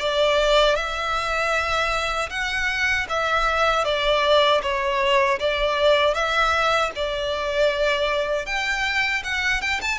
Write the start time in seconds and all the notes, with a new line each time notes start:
0.00 D5
0.76 E5
2.30 F#5
3.09 E5
3.85 D5
4.62 C#5
5.40 D5
6.14 E5
6.96 D5
8.46 G5
9.24 F#5
9.62 G5
9.81 A5